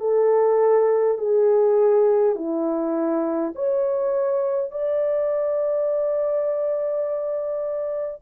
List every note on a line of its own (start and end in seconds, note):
0.00 1.18 A4
1.18 2.35 G#4
2.35 3.53 E4
3.55 4.71 C#5
4.71 8.22 D5